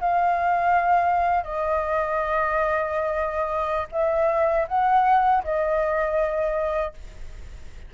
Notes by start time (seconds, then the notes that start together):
0.00 F5
1.44 D#5
3.92 E5
4.68 F#5
5.44 D#5